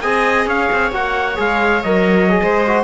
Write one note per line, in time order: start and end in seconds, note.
0.00 0.46 C4
0.00 0.92 G#4
0.00 0.47 D#5
0.00 0.45 G#5
0.46 0.69 C#4
0.46 2.41 C#5
0.46 0.93 F5
0.72 0.91 C4
0.91 1.37 A#3
0.91 1.35 F#4
0.91 1.39 F#5
1.35 1.84 G#3
1.35 1.80 G#4
1.35 1.82 F5
1.82 2.40 F#3
1.82 2.29 A#4
1.82 2.83 D#5
2.29 2.63 G#4
2.41 2.83 G#3
2.41 2.83 C5
2.66 2.83 F#4